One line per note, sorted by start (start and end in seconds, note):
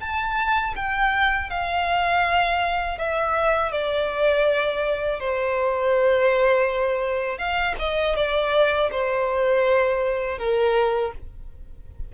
0.00 0.74 A5
0.76 1.49 G5
1.49 2.98 F5
2.98 3.72 E5
3.72 5.19 D5
5.19 7.38 C5
7.38 7.75 F5
7.78 8.15 D#5
8.15 8.89 D5
8.91 10.38 C5
10.38 11.12 A#4